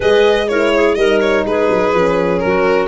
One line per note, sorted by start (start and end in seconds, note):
0.00 0.95 G#3
0.00 0.48 G#4
0.00 0.47 B4
0.00 0.48 D#5
0.48 0.97 E4
0.48 0.74 A#4
0.48 0.94 C#5
0.75 0.97 G#4
0.94 1.44 G3
0.94 1.94 D#4
0.94 1.45 A#4
0.94 1.18 D#5
1.20 1.44 C#5
1.45 1.69 G#3
1.45 2.46 G#4
1.45 2.39 B4
1.70 1.93 F#3
1.93 2.42 F3
1.93 2.88 C#4
2.39 2.87 A#4
2.45 2.88 F#3
2.45 2.88 F#4